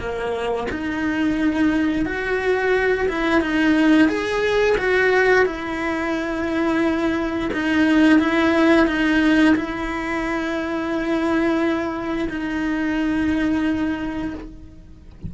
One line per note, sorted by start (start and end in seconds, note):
0.00 0.68 A#3
0.71 2.06 D#4
2.06 3.08 F#4
3.09 3.42 E4
3.42 4.09 D#4
4.09 4.77 G#4
4.78 5.46 F#4
5.46 7.51 E4
7.54 8.20 D#4
8.20 8.87 E4
8.87 9.55 D#4
9.56 12.29 E4
12.30 14.35 D#4